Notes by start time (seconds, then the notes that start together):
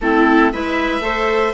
0.01 A3 C4 E4 A4
0.52 G#3 E4 B4 E5
1.00 A3 A4 C5